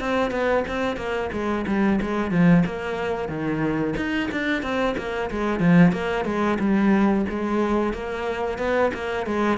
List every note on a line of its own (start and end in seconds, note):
0.00 0.31 C4
0.31 0.64 B3
0.68 0.97 C4
0.97 1.30 A#3
1.33 1.66 G#3
1.67 2.00 G3
2.01 2.31 G#3
2.31 2.64 F3
2.66 3.29 A#3
3.29 3.95 D#3
3.97 4.30 D#4
4.32 4.63 D4
4.63 4.96 C4
4.98 5.30 A#3
5.31 5.60 G#3
5.60 5.93 F3
5.93 6.25 A#3
6.25 6.58 G#3
6.60 7.26 G3
7.29 7.94 G#3
7.94 8.59 A#3
8.59 8.92 B3
8.94 9.27 A#3
9.27 9.58 G#3